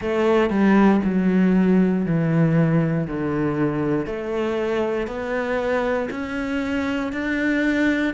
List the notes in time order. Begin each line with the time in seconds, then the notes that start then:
0.01 A3
0.49 G3
1.04 F#3
2.05 E3
3.07 D3
4.05 A3
5.07 B3
6.10 C#4
7.12 D4